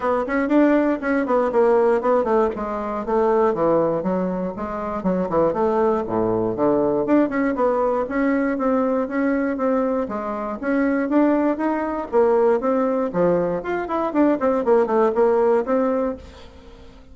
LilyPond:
\new Staff \with { instrumentName = "bassoon" } { \time 4/4 \tempo 4 = 119 b8 cis'8 d'4 cis'8 b8 ais4 | b8 a8 gis4 a4 e4 | fis4 gis4 fis8 e8 a4 | a,4 d4 d'8 cis'8 b4 |
cis'4 c'4 cis'4 c'4 | gis4 cis'4 d'4 dis'4 | ais4 c'4 f4 f'8 e'8 | d'8 c'8 ais8 a8 ais4 c'4 | }